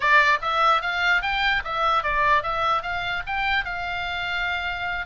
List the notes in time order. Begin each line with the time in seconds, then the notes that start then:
0.00 D5
0.41 E5
0.81 F5
1.22 G5
1.64 E5
2.03 D5
2.42 E5
2.82 F5
3.26 G5
3.64 F5